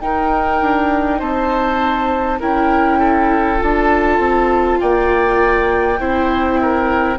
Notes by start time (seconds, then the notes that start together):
0.00 D#4 A#4 G5
0.61 D4
1.19 C4 C5 A5
2.40 C#4 E4 A#4 G5
2.99 A4
3.58 D4 F4 A5
4.19 C4
4.79 A#3 D5 G5
5.99 C4 E4 C5
6.62 A#4